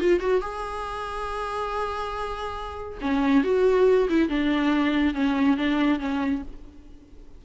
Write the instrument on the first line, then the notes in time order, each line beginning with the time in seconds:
viola
0.00 F4
0.20 F#4
0.41 G#4
3.02 C#4
3.44 F#4
4.10 E4
4.29 D4
5.15 C#4
5.57 D4
6.00 C#4